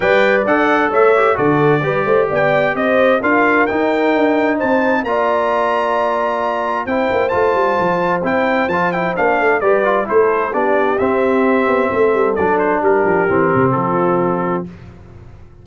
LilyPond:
<<
  \new Staff \with { instrumentName = "trumpet" } { \time 4/4 \tempo 4 = 131 g''4 fis''4 e''4 d''4~ | d''4 g''4 dis''4 f''4 | g''2 a''4 ais''4~ | ais''2. g''4 |
a''2 g''4 a''8 g''8 | f''4 d''4 c''4 d''4 | e''2. d''8 c''8 | ais'2 a'2 | }
  \new Staff \with { instrumentName = "horn" } { \time 4/4 d''2 cis''4 a'4 | b'8 c''8 d''4 c''4 ais'4~ | ais'2 c''4 d''4~ | d''2. c''4~ |
c''1~ | c''4 b'4 a'4 g'4~ | g'2 a'2 | g'2 f'2 | }
  \new Staff \with { instrumentName = "trombone" } { \time 4/4 b'4 a'4. g'8 fis'4 | g'2. f'4 | dis'2. f'4~ | f'2. e'4 |
f'2 e'4 f'8 e'8 | d'4 g'8 f'8 e'4 d'4 | c'2. d'4~ | d'4 c'2. | }
  \new Staff \with { instrumentName = "tuba" } { \time 4/4 g4 d'4 a4 d4 | g8 a8 b4 c'4 d'4 | dis'4 d'4 c'4 ais4~ | ais2. c'8 ais8 |
a8 g8 f4 c'4 f4 | ais8 a8 g4 a4 b4 | c'4. b8 a8 g8 fis4 | g8 f8 e8 c8 f2 | }
>>